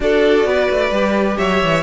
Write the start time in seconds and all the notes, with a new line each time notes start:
0.00 D4 F#4 A4 D5
0.45 B3 B4
0.70 A3
0.91 G3 G4
1.37 F#3 C#5 E5
1.62 E3